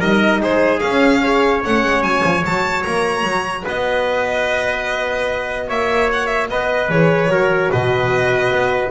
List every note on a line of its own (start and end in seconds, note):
0.00 0.40 G3
0.00 0.83 D#4
0.00 0.41 A#4
0.00 0.42 D#5
0.40 0.81 G#3
0.40 1.23 G#4
0.40 0.80 C5
0.80 1.64 C#4
0.80 1.22 C#4
0.80 1.61 F5
1.22 1.63 G#4
1.22 3.64 C#5
1.64 1.83 A3
1.64 2.44 C#4
1.64 2.03 F#5
1.83 2.02 G#3
2.02 2.22 F#3
2.02 2.44 G#5
2.24 2.45 F3
2.44 2.85 F#3
2.44 6.89 F#4
2.44 2.83 A5
2.83 3.24 A#3
2.83 3.64 A#5
3.24 3.64 F#3
3.64 5.71 B3
3.64 5.67 B4
3.64 5.70 D#5
5.68 6.50 A#3
5.68 6.49 C#5
5.68 6.10 E5
6.13 6.27 F#5
6.27 6.47 E5
6.50 6.89 B3
6.50 7.32 B4
6.50 6.91 D#5
6.89 7.28 E3
6.89 7.29 G#4
6.89 7.72 C#5
7.28 7.69 F#3
7.28 8.91 F#4
7.28 7.72 A#4
7.72 8.52 B2
7.72 8.91 B4
7.72 8.91 D#5
8.52 8.91 B3